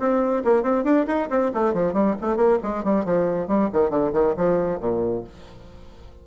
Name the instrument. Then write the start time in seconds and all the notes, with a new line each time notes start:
bassoon
0.00 C4
0.45 A#3
0.64 C4
0.84 D4
1.07 D#4
1.30 C4
1.54 A3
1.74 F3
1.94 G3
2.22 A3
2.37 A#3
2.63 G#3
2.84 G3
3.05 F3
3.48 G3
3.73 D#3
3.90 D3
4.13 D#3
4.37 F3
4.81 A#2